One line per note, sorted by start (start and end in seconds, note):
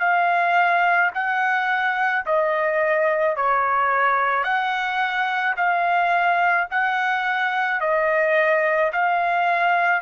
0.00 1.11 F5
1.14 2.25 F#5
2.26 3.36 D#5
3.36 4.44 C#5
4.44 5.55 F#5
5.57 6.68 F5
6.71 7.80 F#5
7.80 8.91 D#5
8.92 10.02 F5